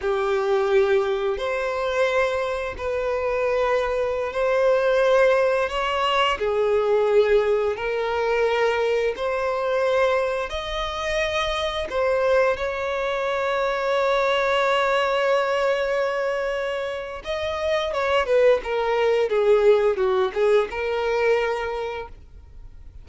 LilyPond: \new Staff \with { instrumentName = "violin" } { \time 4/4 \tempo 4 = 87 g'2 c''2 | b'2~ b'16 c''4.~ c''16~ | c''16 cis''4 gis'2 ais'8.~ | ais'4~ ais'16 c''2 dis''8.~ |
dis''4~ dis''16 c''4 cis''4.~ cis''16~ | cis''1~ | cis''4 dis''4 cis''8 b'8 ais'4 | gis'4 fis'8 gis'8 ais'2 | }